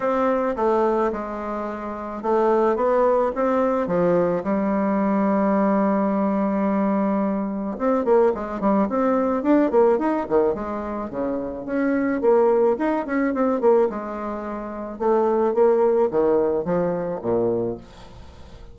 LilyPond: \new Staff \with { instrumentName = "bassoon" } { \time 4/4 \tempo 4 = 108 c'4 a4 gis2 | a4 b4 c'4 f4 | g1~ | g2 c'8 ais8 gis8 g8 |
c'4 d'8 ais8 dis'8 dis8 gis4 | cis4 cis'4 ais4 dis'8 cis'8 | c'8 ais8 gis2 a4 | ais4 dis4 f4 ais,4 | }